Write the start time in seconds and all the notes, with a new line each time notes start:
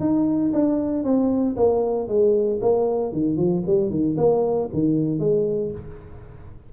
0.00 D#4
0.53 D4
1.04 C4
1.56 A#3
2.08 G#3
2.61 A#3
3.12 D#3
3.37 F3
3.66 G3
3.90 D#3
4.17 A#3
4.73 D#3
5.19 G#3